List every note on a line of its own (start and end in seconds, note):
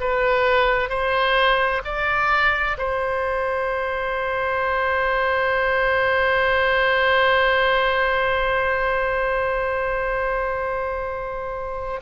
0.00 0.89 B4
0.89 1.82 C5
1.85 2.77 D5
2.77 12.00 C5